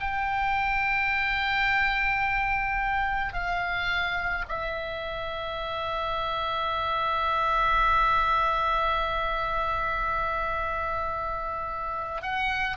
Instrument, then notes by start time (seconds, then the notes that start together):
oboe
0.00 G5
3.33 F5
4.48 E5
12.22 F#5